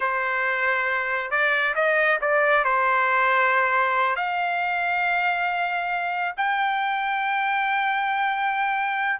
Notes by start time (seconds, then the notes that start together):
0.00 C5
1.30 D5
1.75 D#5
2.21 D5
2.64 C5
4.15 F5
6.36 G5